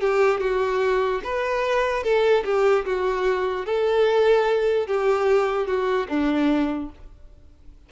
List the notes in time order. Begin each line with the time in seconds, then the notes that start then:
0.00 G4
0.40 F#4
1.23 B4
2.03 A4
2.44 G4
2.85 F#4
3.65 A4
4.87 G4
5.66 F#4
6.08 D4